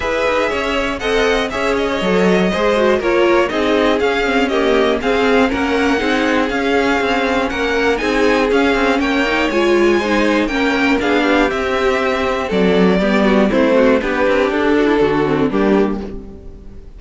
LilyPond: <<
  \new Staff \with { instrumentName = "violin" } { \time 4/4 \tempo 4 = 120 e''2 fis''4 e''8 dis''8~ | dis''2 cis''4 dis''4 | f''4 dis''4 f''4 fis''4~ | fis''4 f''2 fis''4 |
gis''4 f''4 g''4 gis''4~ | gis''4 g''4 f''4 e''4~ | e''4 d''2 c''4 | b'4 a'2 g'4 | }
  \new Staff \with { instrumentName = "violin" } { \time 4/4 b'4 cis''4 dis''4 cis''4~ | cis''4 c''4 ais'4 gis'4~ | gis'4 g'4 gis'4 ais'4 | gis'2. ais'4 |
gis'2 cis''2 | c''4 ais'4 gis'8 g'4.~ | g'4 a'4 g'8 fis'8 e'8 fis'8 | g'4. fis'16 e'16 fis'4 d'4 | }
  \new Staff \with { instrumentName = "viola" } { \time 4/4 gis'2 a'4 gis'4 | a'4 gis'8 fis'8 f'4 dis'4 | cis'8 c'8 ais4 c'4 cis'4 | dis'4 cis'2. |
dis'4 cis'4. dis'8 f'4 | dis'4 cis'4 d'4 c'4~ | c'2 b4 c'4 | d'2~ d'8 c'8 ais4 | }
  \new Staff \with { instrumentName = "cello" } { \time 4/4 e'8 dis'8 cis'4 c'4 cis'4 | fis4 gis4 ais4 c'4 | cis'2 c'4 ais4 | c'4 cis'4 c'4 ais4 |
c'4 cis'8 c'8 ais4 gis4~ | gis4 ais4 b4 c'4~ | c'4 fis4 g4 a4 | b8 c'8 d'4 d4 g4 | }
>>